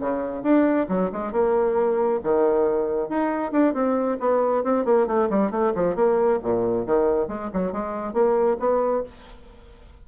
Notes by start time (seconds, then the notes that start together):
0.00 C#3
0.43 D4
0.89 F#3
1.12 G#3
1.32 A#3
2.24 D#3
3.09 D#4
3.52 D4
3.74 C4
4.20 B3
4.64 C4
4.85 A#3
5.07 A3
5.30 G3
5.51 A3
5.75 F3
5.95 A#3
6.43 A#2
6.86 D#3
7.28 G#3
7.53 F#3
7.72 G#3
8.13 A#3
8.59 B3